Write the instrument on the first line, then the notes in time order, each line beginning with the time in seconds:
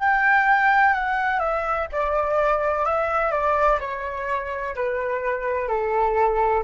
flute
0.00 G5
0.94 F#5
1.40 E5
1.93 D5
2.86 E5
3.32 D5
3.80 C#5
4.76 B4
5.68 A4